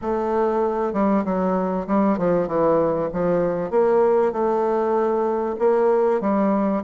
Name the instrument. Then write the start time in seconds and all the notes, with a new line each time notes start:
bassoon
0.01 A3
0.93 G3
1.25 F#3
1.87 G3
2.18 F3
2.47 E3
3.12 F3
3.70 A#3
4.32 A3
5.58 A#3
6.20 G3